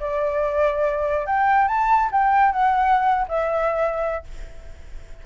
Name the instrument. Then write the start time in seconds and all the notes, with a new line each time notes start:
flute
0.00 D5
1.26 G5
1.68 A5
2.12 G5
2.53 F#5
3.29 E5